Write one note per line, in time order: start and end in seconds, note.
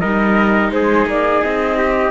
0.00 0.71 G3
0.00 2.11 D#4
0.00 0.71 A#4
0.00 0.71 D#5
0.71 1.06 G#3
0.71 1.78 G#4
0.71 1.07 C5
1.06 1.42 A#3
1.06 1.43 D5
1.43 2.11 C4
1.43 2.11 D#5
1.78 2.11 G4